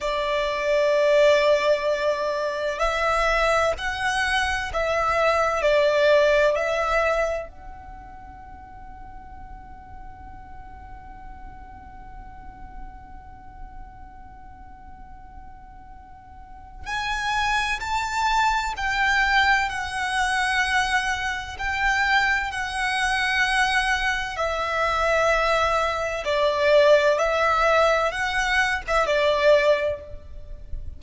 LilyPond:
\new Staff \with { instrumentName = "violin" } { \time 4/4 \tempo 4 = 64 d''2. e''4 | fis''4 e''4 d''4 e''4 | fis''1~ | fis''1~ |
fis''2 gis''4 a''4 | g''4 fis''2 g''4 | fis''2 e''2 | d''4 e''4 fis''8. e''16 d''4 | }